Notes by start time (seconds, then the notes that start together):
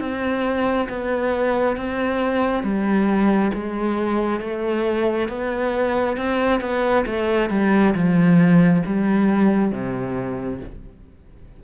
0.00 C4
0.89 B3
1.77 C4
2.64 G3
3.54 G#3
4.41 A3
5.29 B3
6.18 C4
6.61 B3
7.06 A3
7.50 G3
7.95 F3
8.86 G3
9.72 C3